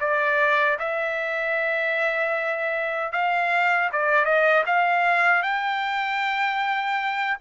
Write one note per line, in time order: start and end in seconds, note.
0.00 0.78 D5
0.79 3.12 E5
3.12 3.90 F5
3.92 4.25 D5
4.25 4.64 D#5
4.66 5.42 F5
5.42 7.37 G5